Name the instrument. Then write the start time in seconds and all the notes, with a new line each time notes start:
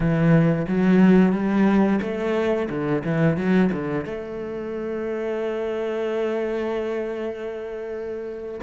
cello
0.00 E3
0.68 F#3
1.32 G3
2.01 A3
2.69 D3
3.04 E3
3.36 F#3
3.72 D3
4.05 A3